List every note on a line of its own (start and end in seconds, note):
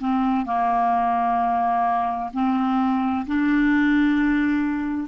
0.00 0.46 C4
0.46 2.31 A#3
2.34 3.26 C4
3.27 5.09 D4